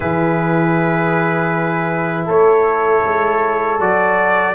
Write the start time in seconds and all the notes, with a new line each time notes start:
0.00 E3 E4 G#4 B4
2.26 A3 A4 C#5
3.04 G#3
3.79 F#3 F#4 D5